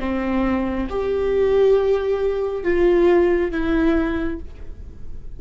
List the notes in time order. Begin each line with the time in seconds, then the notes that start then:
0.00 C4
0.90 G4
2.64 F4
3.52 E4